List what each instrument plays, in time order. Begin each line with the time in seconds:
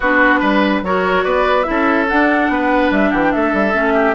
0.00 bassoon B3, clarinet D4, oboe F#4, flute B4
0.39 bassoon G3, oboe B4
0.82 bassoon F#3, clarinet F#4, oboe A#4, flute C#5
1.24 bassoon B3, oboe B4, flute D5
1.63 clarinet E4, flute E5
1.69 bassoon C#4, oboe A4
2.08 clarinet D4, bassoon D4, flute F#5
2.49 bassoon B3, oboe B4
2.91 bassoon G3, flute E5
3.10 bassoon E3, oboe G4, flute F#5
3.22 flute G5
3.32 bassoon A3, oboe A4, flute E5
3.53 bassoon G3
3.73 bassoon A3, clarinet C#4
3.93 oboe G4